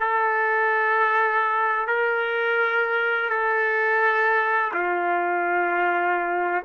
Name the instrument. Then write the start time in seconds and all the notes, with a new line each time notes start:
trumpet
0.00 A4
1.87 A#4
3.30 A4
4.74 F4